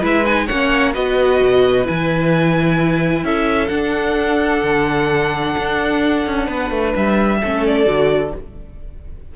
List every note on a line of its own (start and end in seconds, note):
0.00 0.49 G#3
0.00 0.25 E4
0.00 0.46 B4
0.06 0.26 E5
0.26 0.49 D#4
0.26 0.47 G#5
0.46 0.97 A#3
0.46 0.94 C#4
0.46 0.92 C#5
0.46 0.93 F#5
0.94 1.41 B3
0.94 1.85 F#4
0.94 3.25 B4
0.94 1.87 D#5
1.41 1.87 B2
1.85 3.24 E3
1.85 3.70 E4
1.85 3.25 G#5
3.24 3.70 C#4
3.24 6.46 A4
3.24 3.68 E5
3.68 7.39 D4
3.68 4.63 D4
3.68 6.91 F#5
4.63 5.56 D3
5.59 6.27 D4
6.27 6.48 C#4
6.46 6.71 B3
6.46 7.39 B4
6.71 6.94 A3
6.96 7.42 G3
6.96 7.66 E5
7.42 7.86 A3
7.42 7.86 C#4
7.42 8.34 A4
7.67 8.36 D5
7.86 8.33 D3
7.86 8.32 F#4